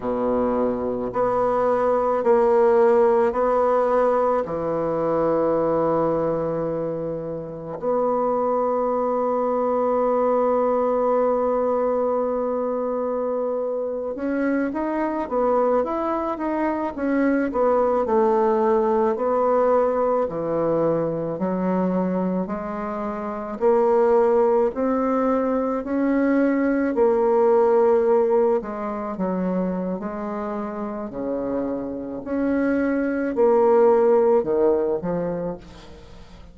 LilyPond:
\new Staff \with { instrumentName = "bassoon" } { \time 4/4 \tempo 4 = 54 b,4 b4 ais4 b4 | e2. b4~ | b1~ | b8. cis'8 dis'8 b8 e'8 dis'8 cis'8 b16~ |
b16 a4 b4 e4 fis8.~ | fis16 gis4 ais4 c'4 cis'8.~ | cis'16 ais4. gis8 fis8. gis4 | cis4 cis'4 ais4 dis8 f8 | }